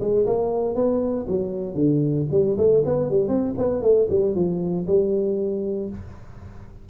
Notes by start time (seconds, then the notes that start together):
0.00 G#3
0.26 A#3
0.75 B3
1.28 F#3
1.75 D3
2.31 G3
2.57 A3
2.85 B3
3.10 G3
3.28 C4
3.58 B3
3.82 A3
4.10 G3
4.35 F3
4.87 G3